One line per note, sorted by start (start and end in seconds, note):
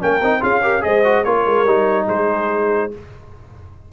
0.00 0.21 A#3
0.00 0.21 C#4
0.00 0.41 A#4
0.00 0.43 G5
0.21 0.42 C4
0.21 0.40 D#4
0.40 0.84 C#4
0.40 0.61 F4
0.40 0.62 G#4
0.40 0.83 F5
0.62 0.81 G4
0.62 0.83 A#4
0.81 1.25 G#3
0.81 1.02 G#4
0.81 1.26 C5
0.81 1.24 D#5
1.04 1.25 F#4
1.24 1.46 A#3
1.24 1.66 F4
1.24 2.05 A#4
1.24 2.07 C#5
1.46 1.65 G#3
1.65 2.07 G3
1.65 2.91 D#4
2.05 2.92 G#3
2.05 2.88 G#4
2.05 2.92 C5